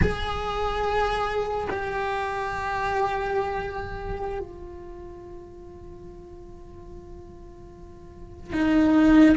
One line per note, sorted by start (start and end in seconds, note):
0.01 1.68 G#4
1.70 4.39 G4
4.39 8.52 F4
8.52 9.36 D#4